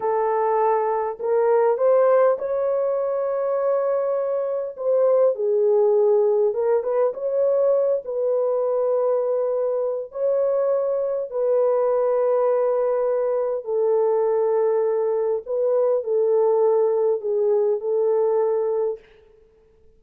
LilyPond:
\new Staff \with { instrumentName = "horn" } { \time 4/4 \tempo 4 = 101 a'2 ais'4 c''4 | cis''1 | c''4 gis'2 ais'8 b'8 | cis''4. b'2~ b'8~ |
b'4 cis''2 b'4~ | b'2. a'4~ | a'2 b'4 a'4~ | a'4 gis'4 a'2 | }